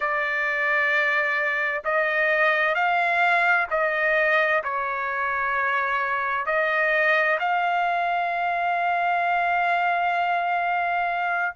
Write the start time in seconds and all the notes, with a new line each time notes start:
0.00 D5
1.84 D#5
2.74 F5
3.70 D#5
4.63 C#5
6.46 D#5
7.39 F5